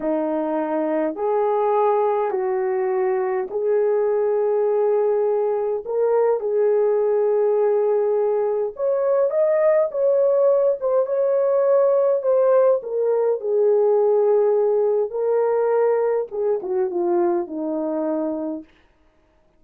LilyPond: \new Staff \with { instrumentName = "horn" } { \time 4/4 \tempo 4 = 103 dis'2 gis'2 | fis'2 gis'2~ | gis'2 ais'4 gis'4~ | gis'2. cis''4 |
dis''4 cis''4. c''8 cis''4~ | cis''4 c''4 ais'4 gis'4~ | gis'2 ais'2 | gis'8 fis'8 f'4 dis'2 | }